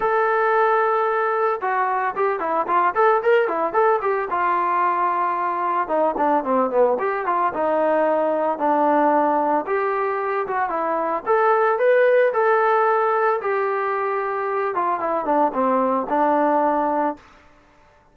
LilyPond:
\new Staff \with { instrumentName = "trombone" } { \time 4/4 \tempo 4 = 112 a'2. fis'4 | g'8 e'8 f'8 a'8 ais'8 e'8 a'8 g'8 | f'2. dis'8 d'8 | c'8 b8 g'8 f'8 dis'2 |
d'2 g'4. fis'8 | e'4 a'4 b'4 a'4~ | a'4 g'2~ g'8 f'8 | e'8 d'8 c'4 d'2 | }